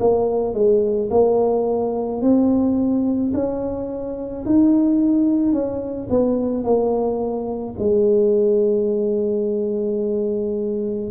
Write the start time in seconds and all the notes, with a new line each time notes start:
0.00 A#3
0.54 G#3
1.10 A#3
2.21 C4
3.34 C#4
4.45 D#4
5.53 C#4
6.10 B3
6.64 A#3
7.79 G#3